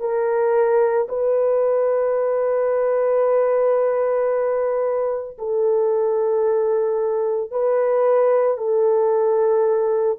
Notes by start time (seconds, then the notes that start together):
0.00 A#4
1.08 B4
5.38 A4
7.50 B4
8.57 A4